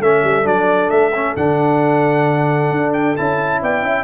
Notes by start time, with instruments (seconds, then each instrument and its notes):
0.00 tuba A3, trombone C#4, horn A4, trumpet E5
0.24 tuba G3
0.44 tuba F#3, trombone D4, trumpet D5
0.91 tuba A3, trumpet E5
1.16 trombone C#4
1.37 tuba D3, trombone D4, trumpet F#5
2.71 tuba D4
2.94 trumpet G5
3.17 tuba C#4, trombone E4, trumpet A5
3.62 tuba B3, horn D5, trumpet G5
3.83 tuba C#4, horn E5